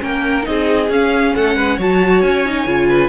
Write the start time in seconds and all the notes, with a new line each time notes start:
0.00 A#3 C#4 A#4 G5
0.43 C4 D#4 D#5
0.49 G#4
0.89 C#4 F5
1.36 A3 A4 F#5
1.56 G#3 B4
1.78 F#3 F#4 C#5 A5
2.22 C#4 G#5
2.46 D#4
2.67 C#3 F4
2.89 B4